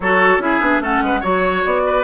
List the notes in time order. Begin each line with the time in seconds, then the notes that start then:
0.00 F#3 F#4 A4 C#5
0.38 C#4 E4 G#4 E5
0.60 B3 D4
0.80 A3 C#4 A4 F#5
1.01 G#3 B4
1.20 F#3 F#4 C#5
1.65 B3 D5
1.86 B4